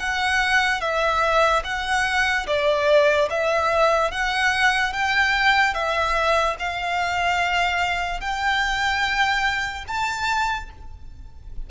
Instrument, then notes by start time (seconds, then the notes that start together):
violin
0.00 F#5
0.81 E5
1.64 F#5
2.47 D5
3.30 E5
4.12 F#5
4.93 G5
5.74 E5
6.59 F5
8.21 G5
9.88 A5